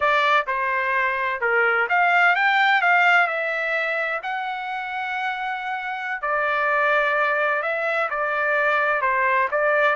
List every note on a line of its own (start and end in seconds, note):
0.00 0.46 D5
0.46 1.40 C5
1.40 1.87 A#4
1.89 2.35 F5
2.35 2.81 G5
2.81 3.27 F5
3.27 4.20 E5
4.23 6.21 F#5
6.21 7.62 D5
7.62 8.09 E5
8.10 9.01 D5
9.01 9.48 C5
9.51 9.95 D5